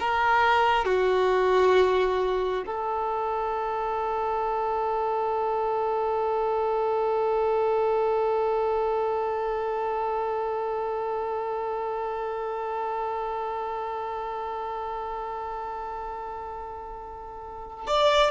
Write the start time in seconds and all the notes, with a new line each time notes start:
0.00 A#4
0.85 F#4
2.67 A4
17.88 D5